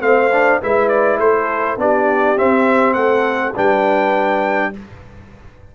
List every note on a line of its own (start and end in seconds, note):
0.00 0.59 A3
0.00 0.29 C4
0.00 0.61 C5
0.00 0.60 F5
0.32 0.61 D4
0.61 1.18 G#3
0.61 1.78 E4
0.61 1.20 B4
0.61 0.88 E5
0.88 1.18 D5
1.18 1.77 A3
1.18 1.80 A4
1.18 1.78 C5
1.77 2.36 B3
1.77 2.36 D4
1.77 2.96 G4
1.77 2.38 D5
2.36 3.54 C4
2.36 2.95 C4
2.36 2.93 E5
2.93 3.53 A3
2.93 3.54 A4
2.93 3.52 F#5
3.54 4.75 G3
3.54 4.73 D4
3.54 4.71 B4
3.54 4.74 G5